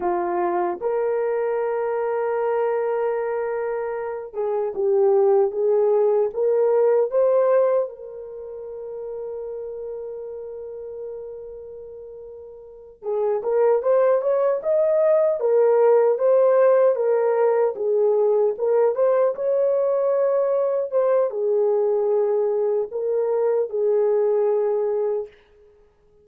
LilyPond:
\new Staff \with { instrumentName = "horn" } { \time 4/4 \tempo 4 = 76 f'4 ais'2.~ | ais'4. gis'8 g'4 gis'4 | ais'4 c''4 ais'2~ | ais'1~ |
ais'8 gis'8 ais'8 c''8 cis''8 dis''4 ais'8~ | ais'8 c''4 ais'4 gis'4 ais'8 | c''8 cis''2 c''8 gis'4~ | gis'4 ais'4 gis'2 | }